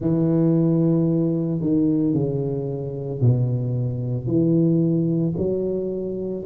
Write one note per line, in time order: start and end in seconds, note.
0.00 1.60 E3
1.60 2.13 D#3
2.13 3.20 C#3
3.20 4.26 B2
4.26 5.33 E3
5.37 6.44 F#3